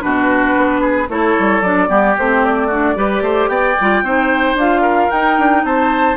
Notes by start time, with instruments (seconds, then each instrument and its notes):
0.00 bassoon B2, clarinet D4, oboe F#4, flute B4
0.56 bassoon B3
0.81 oboe G#4
1.08 bassoon A3, clarinet E4, oboe A4, flute C#5
1.39 bassoon G3
1.61 bassoon F#3, clarinet D4, flute D5
1.87 bassoon G3, clarinet B3, oboe G4
2.18 bassoon A3, clarinet C4, flute C5
2.45 flute D5
2.67 clarinet D4, oboe F#4
2.95 bassoon G3, clarinet G4, oboe B4
3.21 bassoon A3, oboe C5
3.48 bassoon B3, oboe D5, flute G5
3.80 bassoon G3, clarinet F4
4.02 bassoon C4, clarinet D#4, oboe C5
4.54 bassoon D4, clarinet F4, flute F5
4.81 oboe A#4
5.11 clarinet D#4, bassoon D#4, flute G5
5.38 bassoon D4
5.64 bassoon C4, oboe C5, flute A5